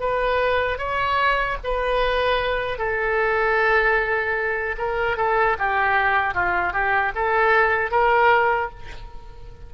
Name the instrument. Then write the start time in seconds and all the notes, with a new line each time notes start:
oboe
0.00 B4
0.79 C#5
1.64 B4
2.78 A4
4.78 A#4
5.17 A4
5.59 G4
6.34 F4
6.73 G4
7.16 A4
7.91 A#4